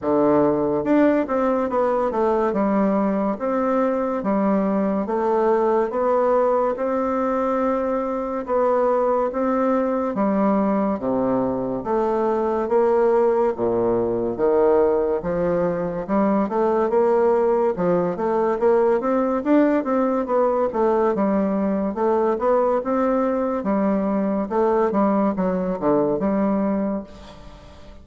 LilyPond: \new Staff \with { instrumentName = "bassoon" } { \time 4/4 \tempo 4 = 71 d4 d'8 c'8 b8 a8 g4 | c'4 g4 a4 b4 | c'2 b4 c'4 | g4 c4 a4 ais4 |
ais,4 dis4 f4 g8 a8 | ais4 f8 a8 ais8 c'8 d'8 c'8 | b8 a8 g4 a8 b8 c'4 | g4 a8 g8 fis8 d8 g4 | }